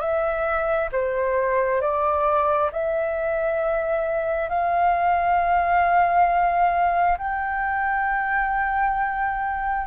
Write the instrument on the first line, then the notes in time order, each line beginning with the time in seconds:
flute
0.00 E5
0.92 C5
1.81 D5
2.72 E5
4.49 F5
7.18 G5